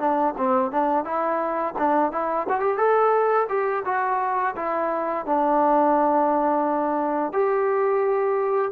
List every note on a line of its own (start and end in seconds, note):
0.00 0.35 D4
0.38 0.72 C4
0.72 1.05 D4
1.05 1.75 E4
1.79 2.12 D4
2.12 2.47 E4
2.50 2.61 F#4
2.61 2.78 G4
2.78 3.48 A4
3.49 3.84 G4
3.86 4.55 F#4
4.56 5.26 E4
5.26 7.33 D4
7.33 8.72 G4